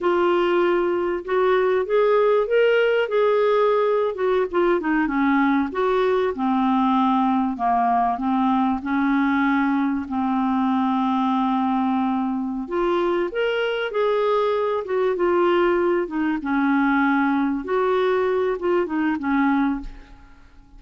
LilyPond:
\new Staff \with { instrumentName = "clarinet" } { \time 4/4 \tempo 4 = 97 f'2 fis'4 gis'4 | ais'4 gis'4.~ gis'16 fis'8 f'8 dis'16~ | dis'16 cis'4 fis'4 c'4.~ c'16~ | c'16 ais4 c'4 cis'4.~ cis'16~ |
cis'16 c'2.~ c'8.~ | c'8 f'4 ais'4 gis'4. | fis'8 f'4. dis'8 cis'4.~ | cis'8 fis'4. f'8 dis'8 cis'4 | }